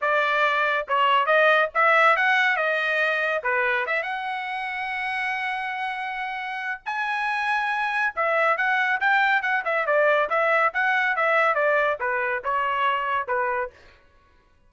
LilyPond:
\new Staff \with { instrumentName = "trumpet" } { \time 4/4 \tempo 4 = 140 d''2 cis''4 dis''4 | e''4 fis''4 dis''2 | b'4 e''8 fis''2~ fis''8~ | fis''1 |
gis''2. e''4 | fis''4 g''4 fis''8 e''8 d''4 | e''4 fis''4 e''4 d''4 | b'4 cis''2 b'4 | }